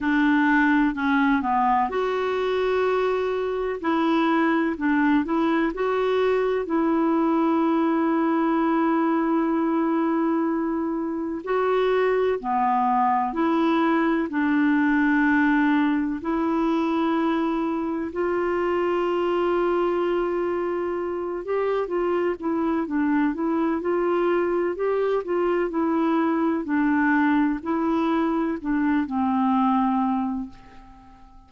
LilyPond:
\new Staff \with { instrumentName = "clarinet" } { \time 4/4 \tempo 4 = 63 d'4 cis'8 b8 fis'2 | e'4 d'8 e'8 fis'4 e'4~ | e'1 | fis'4 b4 e'4 d'4~ |
d'4 e'2 f'4~ | f'2~ f'8 g'8 f'8 e'8 | d'8 e'8 f'4 g'8 f'8 e'4 | d'4 e'4 d'8 c'4. | }